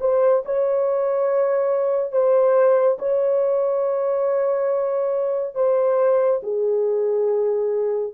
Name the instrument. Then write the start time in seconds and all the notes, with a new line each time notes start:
horn
0.00 C5
0.45 C#5
2.12 C5
2.98 C#5
5.54 C5
6.42 G#4